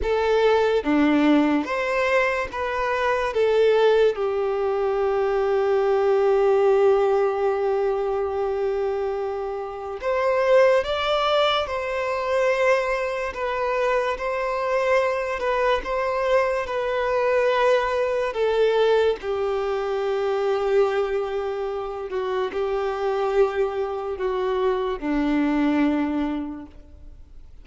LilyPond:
\new Staff \with { instrumentName = "violin" } { \time 4/4 \tempo 4 = 72 a'4 d'4 c''4 b'4 | a'4 g'2.~ | g'1 | c''4 d''4 c''2 |
b'4 c''4. b'8 c''4 | b'2 a'4 g'4~ | g'2~ g'8 fis'8 g'4~ | g'4 fis'4 d'2 | }